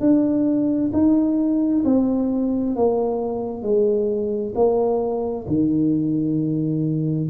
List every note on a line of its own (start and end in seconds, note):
0.00 0.91 D4
0.93 1.83 D#4
1.84 2.75 C4
2.76 3.62 A#3
3.62 4.53 G#3
4.55 5.45 A#3
5.47 7.29 D#3